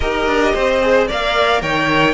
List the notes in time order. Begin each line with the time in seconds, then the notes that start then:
0.00 D#4 G4 A#4 D#5
0.26 D4
0.54 C4 C5
0.81 G#4
1.07 A#3 A#4 D5 F5
1.61 D#3 C#5 G5